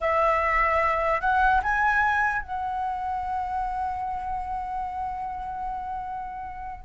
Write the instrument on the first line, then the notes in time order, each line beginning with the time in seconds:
flute
0.00 E5
1.20 F#5
1.62 G#5
2.42 F#5